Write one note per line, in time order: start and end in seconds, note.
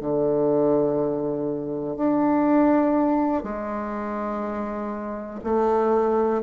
0.00 1.96 D3
1.96 3.43 D4
3.43 5.40 G#3
5.44 6.42 A3